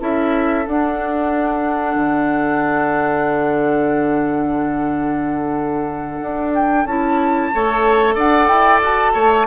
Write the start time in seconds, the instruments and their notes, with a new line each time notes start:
0.00 bassoon C#4, clarinet E4, oboe A4, flute E5
0.67 clarinet D4, bassoon D4, flute F#5
1.96 bassoon D3
6.22 bassoon D4
6.54 flute G5
6.86 bassoon C#4, clarinet E4, flute A5
7.54 bassoon A3, clarinet A4, oboe C#5
8.15 bassoon D4, oboe D5, flute F#5
8.48 bassoon E4, flute G5
8.82 bassoon F#4, flute A5
9.14 bassoon A3, oboe C#5